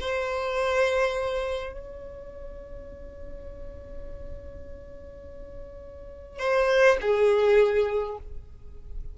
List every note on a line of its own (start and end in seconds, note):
0.00 1.73 C5
1.73 6.39 C#5
6.39 6.97 C5
7.01 8.17 G#4